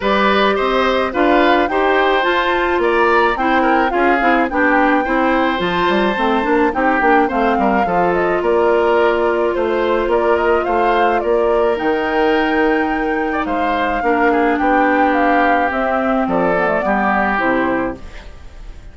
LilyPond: <<
  \new Staff \with { instrumentName = "flute" } { \time 4/4 \tempo 4 = 107 d''4 dis''4 f''4 g''4 | a''4 ais''4 g''4 f''4 | g''2 a''2 | g''4 f''4. dis''8 d''4~ |
d''4 c''4 d''8 dis''8 f''4 | d''4 g''2. | f''2 g''4 f''4 | e''4 d''2 c''4 | }
  \new Staff \with { instrumentName = "oboe" } { \time 4/4 b'4 c''4 b'4 c''4~ | c''4 d''4 c''8 ais'8 gis'4 | g'4 c''2. | g'4 c''8 ais'8 a'4 ais'4~ |
ais'4 c''4 ais'4 c''4 | ais'2.~ ais'8. d''16 | c''4 ais'8 gis'8 g'2~ | g'4 a'4 g'2 | }
  \new Staff \with { instrumentName = "clarinet" } { \time 4/4 g'2 f'4 g'4 | f'2 e'4 f'8 e'8 | d'4 e'4 f'4 c'8 d'8 | dis'8 d'8 c'4 f'2~ |
f'1~ | f'4 dis'2.~ | dis'4 d'2. | c'4. b16 a16 b4 e'4 | }
  \new Staff \with { instrumentName = "bassoon" } { \time 4/4 g4 c'4 d'4 dis'4 | f'4 ais4 c'4 cis'8 c'8 | b4 c'4 f8 g8 a8 ais8 | c'8 ais8 a8 g8 f4 ais4~ |
ais4 a4 ais4 a4 | ais4 dis2. | gis4 ais4 b2 | c'4 f4 g4 c4 | }
>>